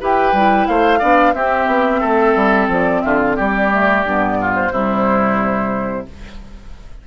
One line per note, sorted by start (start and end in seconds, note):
0.00 0.33 E4
0.00 0.34 G4
0.00 0.67 B4
0.00 0.67 G5
0.33 0.66 G3
0.33 1.00 E4
0.67 1.01 A3
0.67 0.99 C5
0.67 1.33 F5
0.99 1.33 B3
0.99 1.34 D4
0.99 1.33 D5
1.33 1.67 C4
1.33 3.71 C4
1.33 2.00 G4
1.33 2.68 E5
1.67 2.01 B3
2.00 2.35 A3
2.00 3.01 A4
2.35 2.68 G3
2.68 3.02 F3
2.68 3.01 D5
3.01 3.38 D3
3.01 3.36 F4
3.01 3.18 E5
3.19 3.36 F5
3.36 4.04 G3
3.36 4.37 G4
3.36 4.54 D5
3.71 4.05 A3
4.04 4.71 G2
4.04 4.71 B3
4.41 4.72 F4
4.54 6.06 C5
4.71 6.06 C3
4.71 6.06 G3
4.71 6.07 E4